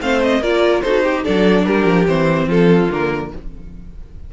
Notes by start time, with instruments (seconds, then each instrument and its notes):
0.00 cello A3, viola C4, violin C5 F5
0.23 violin D#5
0.40 cello A#3, viola F4, violin A#4 D5
0.82 cello D#4, viola F#4, violin A4 C5
1.04 violin G4, viola G4
1.24 cello F#3, viola D4, violin A4 D5
1.66 cello G3, violin G4 A#4
1.86 cello F3
2.07 cello E3, viola C4, violin C5
2.47 cello F3, violin F4 A4
2.91 cello D3, viola A#3, violin A#4